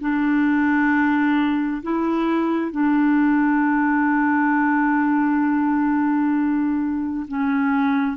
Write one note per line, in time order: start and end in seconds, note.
0.00 1.82 D4
1.82 2.71 E4
2.71 7.26 D4
7.28 8.17 C#4